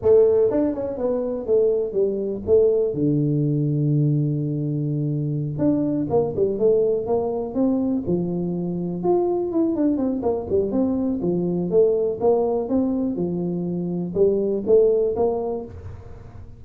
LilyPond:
\new Staff \with { instrumentName = "tuba" } { \time 4/4 \tempo 4 = 123 a4 d'8 cis'8 b4 a4 | g4 a4 d2~ | d2.~ d8 d'8~ | d'8 ais8 g8 a4 ais4 c'8~ |
c'8 f2 f'4 e'8 | d'8 c'8 ais8 g8 c'4 f4 | a4 ais4 c'4 f4~ | f4 g4 a4 ais4 | }